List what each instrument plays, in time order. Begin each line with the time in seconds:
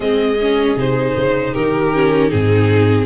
0.00 tuba G#3, viola C4 G#4, violin D#5
0.41 viola C#4
0.75 tuba C3, viola D#4, violin C5
1.16 tuba C#3
1.53 tuba D#3, viola G4, violin A#4
1.93 viola C#4
2.27 tuba G#2, viola C4 D#4, violin G#4